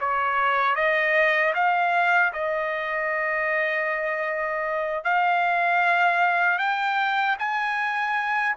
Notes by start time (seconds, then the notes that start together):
0.00 C#5
0.75 D#5
1.54 F5
2.33 D#5
5.04 F5
6.58 G5
7.39 G#5